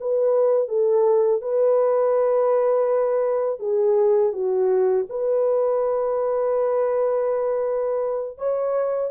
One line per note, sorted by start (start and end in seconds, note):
0.00 0.68 B4
0.68 1.41 A4
1.41 3.59 B4
3.59 4.32 G#4
4.32 5.06 F#4
5.09 8.37 B4
8.37 9.10 C#5